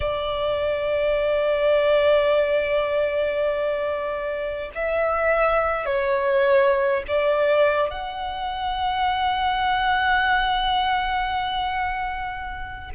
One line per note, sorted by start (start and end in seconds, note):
0.00 4.70 D5
4.74 5.85 E5
5.85 7.03 C#5
7.07 7.90 D5
7.90 12.90 F#5